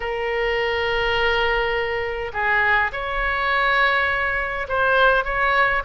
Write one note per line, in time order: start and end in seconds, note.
0.00 2.31 A#4
2.33 2.91 G#4
2.92 4.67 C#5
4.68 5.24 C5
5.24 5.82 C#5